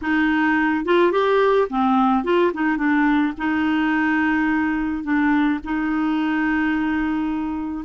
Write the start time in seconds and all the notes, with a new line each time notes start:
0.01 D#4
0.85 F4
1.12 G4
1.69 C4
2.24 F4
2.53 D#4
2.77 D4
3.37 D#4
5.03 D4
5.64 D#4